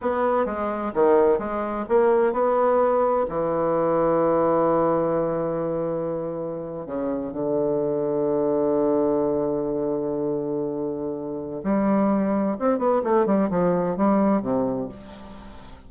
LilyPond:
\new Staff \with { instrumentName = "bassoon" } { \time 4/4 \tempo 4 = 129 b4 gis4 dis4 gis4 | ais4 b2 e4~ | e1~ | e2~ e8. cis4 d16~ |
d1~ | d1~ | d4 g2 c'8 b8 | a8 g8 f4 g4 c4 | }